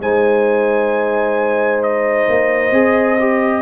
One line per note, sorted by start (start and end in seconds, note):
0.00 2.27 G#3
0.00 2.73 D#4
0.00 3.62 C5
0.00 1.83 G#5
1.83 3.62 D#5
2.29 2.71 A#3
2.71 3.62 C4
2.71 3.18 G#4
3.19 3.62 G4